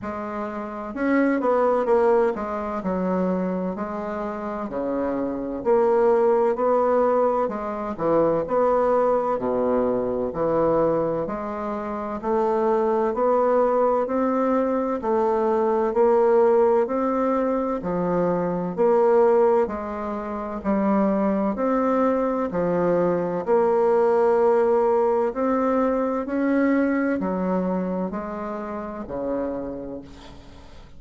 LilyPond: \new Staff \with { instrumentName = "bassoon" } { \time 4/4 \tempo 4 = 64 gis4 cis'8 b8 ais8 gis8 fis4 | gis4 cis4 ais4 b4 | gis8 e8 b4 b,4 e4 | gis4 a4 b4 c'4 |
a4 ais4 c'4 f4 | ais4 gis4 g4 c'4 | f4 ais2 c'4 | cis'4 fis4 gis4 cis4 | }